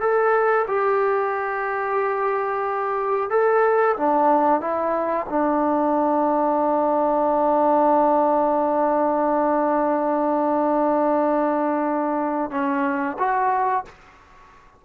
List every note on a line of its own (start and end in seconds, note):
0.00 0.66 A4
0.67 3.30 G4
3.30 3.96 A4
3.97 4.60 D4
4.60 5.26 E4
5.29 12.51 D4
12.51 13.17 C#4
13.18 13.84 F#4